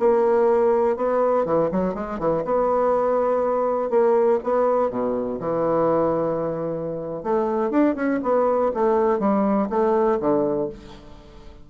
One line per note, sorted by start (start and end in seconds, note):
0.00 0.97 A#3
0.97 1.46 B3
1.46 1.70 E3
1.72 1.95 F#3
1.95 2.20 G#3
2.20 2.44 E3
2.45 3.91 B3
3.91 4.40 A#3
4.44 4.91 B3
4.91 5.40 B2
5.40 7.24 E3
7.24 7.71 A3
7.71 7.96 D4
7.96 8.20 C#4
8.23 8.72 B3
8.74 9.19 A3
9.19 9.69 G3
9.70 10.19 A3
10.20 10.69 D3